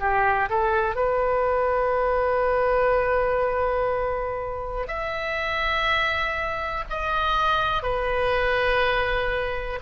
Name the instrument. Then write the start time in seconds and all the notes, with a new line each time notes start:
oboe
0.00 G4
0.50 A4
0.96 B4
4.88 E5
6.90 D#5
7.83 B4